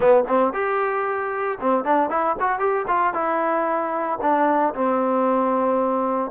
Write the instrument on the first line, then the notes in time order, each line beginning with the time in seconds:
trombone
0.00 B3
0.28 C4
0.53 G4
1.60 C4
1.84 D4
2.09 E4
2.39 F#4
2.59 G4
2.87 F4
3.13 E4
4.21 D4
4.74 C4